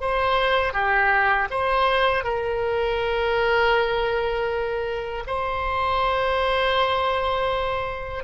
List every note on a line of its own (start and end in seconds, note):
0.00 0.73 C5
0.73 1.48 G4
1.50 2.23 C5
2.23 5.23 A#4
5.26 8.24 C5